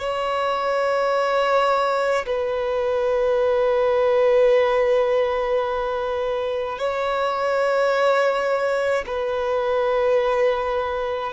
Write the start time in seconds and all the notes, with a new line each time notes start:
0.00 C#5
2.26 B4
6.79 C#5
9.07 B4